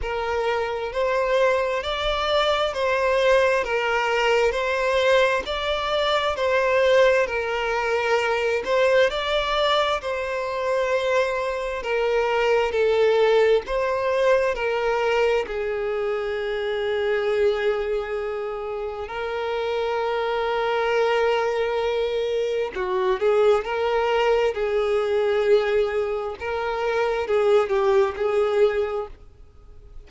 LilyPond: \new Staff \with { instrumentName = "violin" } { \time 4/4 \tempo 4 = 66 ais'4 c''4 d''4 c''4 | ais'4 c''4 d''4 c''4 | ais'4. c''8 d''4 c''4~ | c''4 ais'4 a'4 c''4 |
ais'4 gis'2.~ | gis'4 ais'2.~ | ais'4 fis'8 gis'8 ais'4 gis'4~ | gis'4 ais'4 gis'8 g'8 gis'4 | }